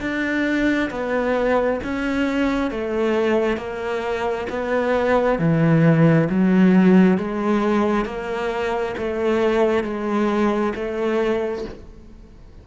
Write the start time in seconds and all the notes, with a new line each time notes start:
0.00 D4
0.90 B3
1.83 C#4
2.70 A3
3.57 A#3
4.49 B3
5.39 E3
6.29 F#3
7.17 G#3
8.05 A#3
8.98 A3
9.83 G#3
10.75 A3